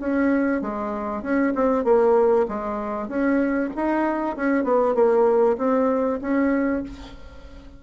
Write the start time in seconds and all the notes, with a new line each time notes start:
0.00 C#4
0.61 G#3
1.22 C#4
1.55 C4
1.84 A#3
2.48 G#3
3.08 C#4
3.76 D#4
4.36 C#4
4.64 B3
4.95 A#3
5.58 C4
6.21 C#4